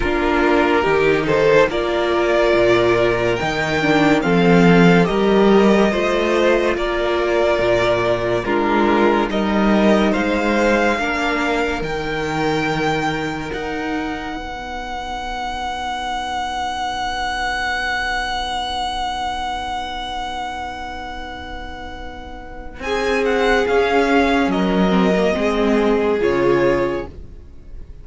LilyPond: <<
  \new Staff \with { instrumentName = "violin" } { \time 4/4 \tempo 4 = 71 ais'4. c''8 d''2 | g''4 f''4 dis''2 | d''2 ais'4 dis''4 | f''2 g''2 |
fis''1~ | fis''1~ | fis''2. gis''8 fis''8 | f''4 dis''2 cis''4 | }
  \new Staff \with { instrumentName = "violin" } { \time 4/4 f'4 g'8 a'8 ais'2~ | ais'4 a'4 ais'4 c''4 | ais'2 f'4 ais'4 | c''4 ais'2.~ |
ais'4 b'2.~ | b'1~ | b'2. gis'4~ | gis'4 ais'4 gis'2 | }
  \new Staff \with { instrumentName = "viola" } { \time 4/4 d'4 dis'4 f'2 | dis'8 d'8 c'4 g'4 f'4~ | f'2 d'4 dis'4~ | dis'4 d'4 dis'2~ |
dis'1~ | dis'1~ | dis'1 | cis'4. c'16 ais16 c'4 f'4 | }
  \new Staff \with { instrumentName = "cello" } { \time 4/4 ais4 dis4 ais4 ais,4 | dis4 f4 g4 a4 | ais4 ais,4 gis4 g4 | gis4 ais4 dis2 |
dis'4 b2.~ | b1~ | b2. c'4 | cis'4 fis4 gis4 cis4 | }
>>